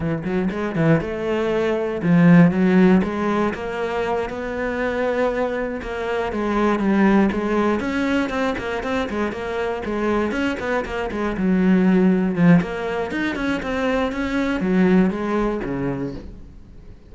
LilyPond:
\new Staff \with { instrumentName = "cello" } { \time 4/4 \tempo 4 = 119 e8 fis8 gis8 e8 a2 | f4 fis4 gis4 ais4~ | ais8 b2. ais8~ | ais8 gis4 g4 gis4 cis'8~ |
cis'8 c'8 ais8 c'8 gis8 ais4 gis8~ | gis8 cis'8 b8 ais8 gis8 fis4.~ | fis8 f8 ais4 dis'8 cis'8 c'4 | cis'4 fis4 gis4 cis4 | }